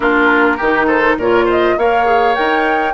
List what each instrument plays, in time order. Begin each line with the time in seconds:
0.00 bassoon A#3, clarinet D4, oboe F4, flute A#4
0.56 bassoon D#3, oboe G4
0.62 clarinet D#4
0.86 oboe A4, flute C5
1.17 bassoon A#2, clarinet F4, oboe A#4, flute C#5
1.45 oboe C5, flute D#5
1.77 bassoon A#3, clarinet A#4, oboe C#5, flute F5
2.05 clarinet G#4
2.34 bassoon D#4, clarinet A#4, flute G5